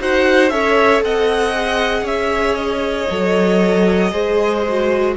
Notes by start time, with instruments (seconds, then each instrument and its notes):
0.00 cello D#4, viola F#4, violin C5 F#5
0.49 cello C#4, viola A4, violin C#5 E5
1.02 cello C4, violin D#5 F#5
1.54 viola G#4
2.02 cello C#4, violin C#5 E5
2.55 violin D#5
3.10 cello F#3, viola A4
4.11 cello G#3, viola G#4, violin C5
4.68 viola F#4